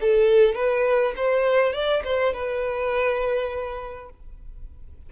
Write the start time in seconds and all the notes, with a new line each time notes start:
0.00 A4
0.55 B4
1.16 C5
1.73 D5
2.04 C5
2.33 B4